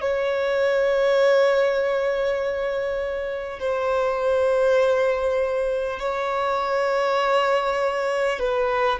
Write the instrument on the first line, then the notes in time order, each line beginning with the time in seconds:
violin
0.00 C#5
3.59 C5
5.99 C#5
8.39 B4